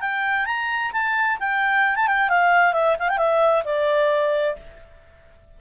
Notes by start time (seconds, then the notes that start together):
0.00 G5
0.46 A#5
0.92 A5
1.39 G5
1.95 A5
2.07 G5
2.29 F5
2.73 E5
2.99 F5
3.09 G5
3.17 E5
3.64 D5